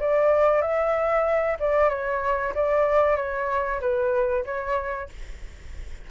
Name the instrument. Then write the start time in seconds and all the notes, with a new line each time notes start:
flute
0.00 D5
0.62 E5
1.60 D5
1.89 C#5
2.55 D5
3.17 C#5
3.81 B4
4.46 C#5